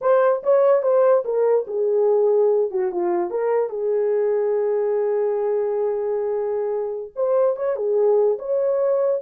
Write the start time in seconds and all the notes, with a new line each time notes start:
0.01 C5
0.43 C#5
0.82 C5
1.24 A#4
1.67 G#4
2.70 F#4
2.91 F4
3.30 A#4
3.69 G#4
7.15 C5
7.56 C#5
7.76 G#4
8.38 C#5